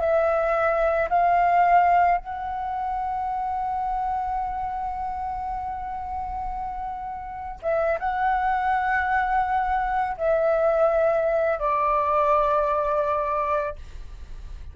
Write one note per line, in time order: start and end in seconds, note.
0.00 1.08 E5
1.09 2.18 F5
2.18 7.60 F#5
7.62 7.98 E5
7.99 10.16 F#5
10.17 11.59 E5
11.59 13.75 D5